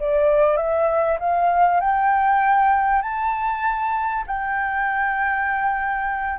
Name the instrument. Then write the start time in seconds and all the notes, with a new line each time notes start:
flute
0.00 D5
0.57 E5
1.19 F5
1.81 G5
3.02 A5
4.27 G5